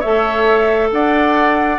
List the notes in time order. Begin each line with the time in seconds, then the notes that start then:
0.00 A3 A4 C#5 E5
0.92 D4 D5 F#5